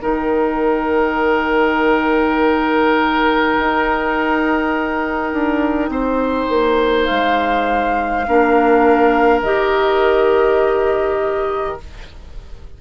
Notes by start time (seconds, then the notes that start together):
0.00 D#3 D#4 A#4 G5
3.59 D#4
5.33 D4
5.89 C4 C5
6.49 A#3
7.05 G#3 F5
8.27 A#3 D4 A#4
9.42 D#3 G4 D#5